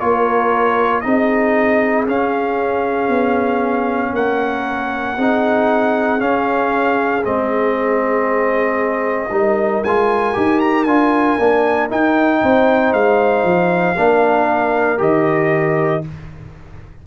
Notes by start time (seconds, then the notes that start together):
0.00 A#3 F4 A#4 C#5
1.01 C4 D#4 G#4 D#5
2.07 C#4 F5
3.09 B3
4.13 A#3 A#4 F#5
5.17 C4 D#4 G#4
6.19 C#4 F5
7.23 G#3 C4 D#5
9.30 G3 D#4 A#4
9.84 G#3 F4 G#5
10.34 D#4 G4
10.60 A#5
10.84 D4 F4 G#5
11.39 A#3 D4
11.89 D#4 G5
12.42 C4 C5
12.93 G#3 F5
13.44 F3
13.98 A#3 D4 A#4
14.98 D#3 G4 D#5